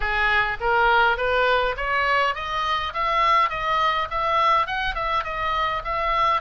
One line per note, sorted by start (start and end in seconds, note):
0.00 0.57 G#4
0.60 1.17 A#4
1.17 1.75 B4
1.76 2.35 C#5
2.35 2.93 D#5
2.93 3.49 E5
3.49 4.08 D#5
4.10 4.66 E5
4.66 4.94 F#5
4.94 5.23 E5
5.24 5.82 D#5
5.84 6.41 E5